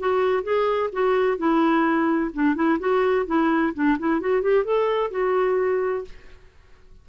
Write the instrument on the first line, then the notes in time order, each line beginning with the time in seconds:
clarinet
0.00 F#4
0.43 G#4
0.93 F#4
1.38 E4
2.34 D4
2.55 E4
2.80 F#4
3.26 E4
3.74 D4
3.99 E4
4.21 F#4
4.42 G4
4.64 A4
5.11 F#4